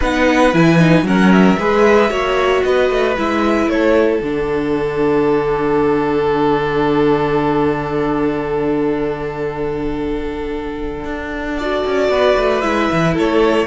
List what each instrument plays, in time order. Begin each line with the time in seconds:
0.00 cello B3, viola D#4, violin B4 F#5
0.53 cello E3, viola E4, violin G#5
0.78 viola D#4
1.02 cello F#3, viola C#4, violin A#4 F#5
1.32 violin E5
1.58 cello G#3, viola G#4, violin B4
2.09 cello A#3, viola F#4, violin C#5
2.63 cello B3, violin B4 D#5
2.90 cello A3
3.16 cello G#3, viola E4, violin E5
3.66 cello A3, violin A4 C#5
4.21 cello D3, viola D4, violin F#5
11.04 cello D4
11.57 viola F#4, violin D5
11.86 cello C#4
12.08 cello B3, violin B4
12.37 cello A3
12.61 cello G#3, viola E4, violin E5
12.91 cello E3
13.13 cello A3, violin A4 C#5